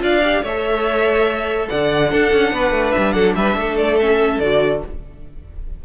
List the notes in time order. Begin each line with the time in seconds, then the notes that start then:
0.00 D4 F4 D5 F5
0.24 G4
0.43 A3 C#5 E5
0.49 A4
1.69 D3 D5 F#5
2.11 D4 A4
2.33 C#4
2.52 B3 B4
2.71 A3
2.92 G3 E5
3.12 F#3 A4 F#5
3.36 G3 B4 E5
3.56 A3 A4
3.78 D5
3.99 C#4 E5
4.40 D3 F#4 D5